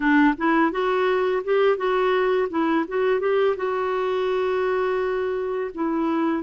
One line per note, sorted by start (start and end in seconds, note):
0.00 0.34 D4
0.37 0.71 E4
0.71 1.43 F#4
1.44 1.77 G4
1.77 2.48 F#4
2.49 2.85 E4
2.88 3.19 F#4
3.19 3.55 G4
3.56 5.70 F#4
5.74 6.43 E4